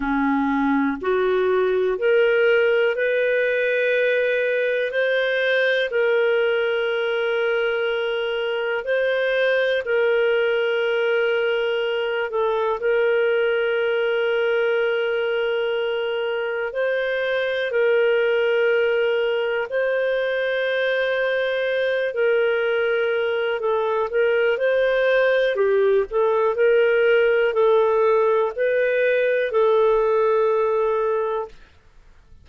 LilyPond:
\new Staff \with { instrumentName = "clarinet" } { \time 4/4 \tempo 4 = 61 cis'4 fis'4 ais'4 b'4~ | b'4 c''4 ais'2~ | ais'4 c''4 ais'2~ | ais'8 a'8 ais'2.~ |
ais'4 c''4 ais'2 | c''2~ c''8 ais'4. | a'8 ais'8 c''4 g'8 a'8 ais'4 | a'4 b'4 a'2 | }